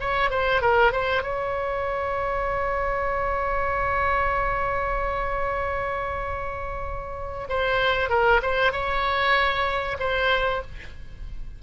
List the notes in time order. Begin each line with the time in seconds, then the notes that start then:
0.00 C#5
0.30 C5
0.61 A#4
0.92 C5
1.22 C#5
7.49 C5
8.10 A#4
8.42 C5
8.72 C#5
9.99 C5